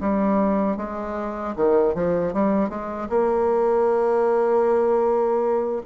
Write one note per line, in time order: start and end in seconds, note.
0.00 0.77 G3
0.77 1.54 G#3
1.55 1.94 D#3
1.94 2.33 F3
2.33 2.69 G3
2.69 3.08 G#3
3.09 5.82 A#3